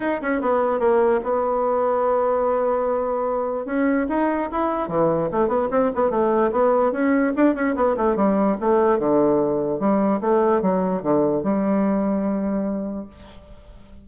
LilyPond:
\new Staff \with { instrumentName = "bassoon" } { \time 4/4 \tempo 4 = 147 dis'8 cis'8 b4 ais4 b4~ | b1~ | b4 cis'4 dis'4 e'4 | e4 a8 b8 c'8 b8 a4 |
b4 cis'4 d'8 cis'8 b8 a8 | g4 a4 d2 | g4 a4 fis4 d4 | g1 | }